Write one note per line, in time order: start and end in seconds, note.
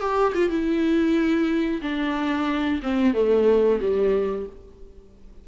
0.00 0.33 G4
0.34 0.49 F4
0.49 1.81 E4
1.81 2.80 D4
2.83 3.13 C4
3.13 3.79 A3
3.80 4.46 G3